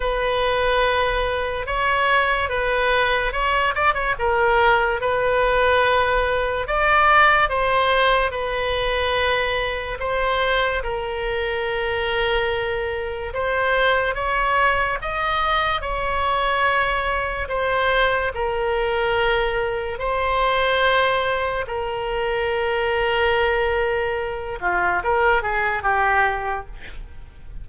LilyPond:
\new Staff \with { instrumentName = "oboe" } { \time 4/4 \tempo 4 = 72 b'2 cis''4 b'4 | cis''8 d''16 cis''16 ais'4 b'2 | d''4 c''4 b'2 | c''4 ais'2. |
c''4 cis''4 dis''4 cis''4~ | cis''4 c''4 ais'2 | c''2 ais'2~ | ais'4. f'8 ais'8 gis'8 g'4 | }